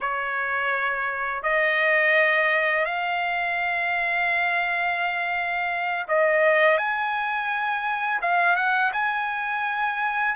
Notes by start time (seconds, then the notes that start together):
0.00 C#5
1.42 D#5
2.85 F5
6.07 D#5
6.77 G#5
8.21 F5
8.56 F#5
8.93 G#5